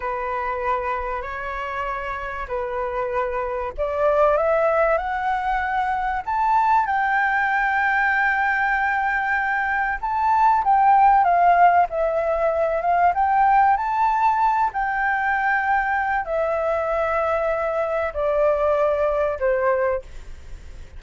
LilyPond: \new Staff \with { instrumentName = "flute" } { \time 4/4 \tempo 4 = 96 b'2 cis''2 | b'2 d''4 e''4 | fis''2 a''4 g''4~ | g''1 |
a''4 g''4 f''4 e''4~ | e''8 f''8 g''4 a''4. g''8~ | g''2 e''2~ | e''4 d''2 c''4 | }